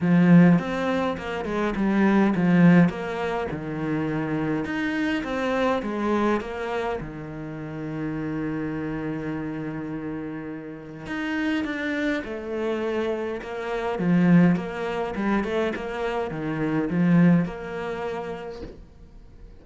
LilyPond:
\new Staff \with { instrumentName = "cello" } { \time 4/4 \tempo 4 = 103 f4 c'4 ais8 gis8 g4 | f4 ais4 dis2 | dis'4 c'4 gis4 ais4 | dis1~ |
dis2. dis'4 | d'4 a2 ais4 | f4 ais4 g8 a8 ais4 | dis4 f4 ais2 | }